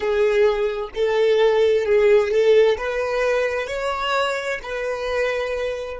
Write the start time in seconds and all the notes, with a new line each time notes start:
0.00 G#4
0.94 A4
1.85 G#4
2.31 A4
2.77 B4
3.67 C#5
4.62 B4